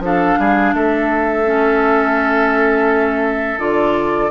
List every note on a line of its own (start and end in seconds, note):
0.00 0.36 F3
0.00 1.45 D4
0.00 0.39 A4
0.00 0.75 F5
0.39 0.74 G3
0.39 0.75 G#4
0.74 3.59 A3
0.74 4.31 A4
0.74 3.60 E5
1.45 3.59 C#4
3.59 4.30 D3
3.59 4.31 F4
3.59 4.31 D5